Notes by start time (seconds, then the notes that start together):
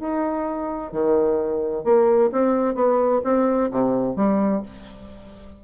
0.00 D#4
0.92 D#3
1.84 A#3
2.32 C4
2.75 B3
3.24 C4
3.72 C3
4.16 G3